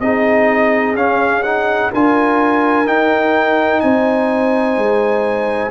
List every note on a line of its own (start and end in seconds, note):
0.00 0.95 C4
0.00 0.96 D#4
0.00 1.91 G#4
0.00 0.95 D#5
0.95 1.90 C#4
0.95 1.43 C#4
0.95 1.43 F5
1.43 1.92 D#4
1.43 1.91 F#5
1.91 2.86 D4
1.91 2.86 F4
1.91 3.81 A#4
1.91 2.87 G#5
2.86 5.71 D#4
2.86 3.81 D#4
2.86 3.80 G5
3.80 4.77 C4
3.80 5.71 C5
3.80 5.70 G#5
4.77 5.71 G#3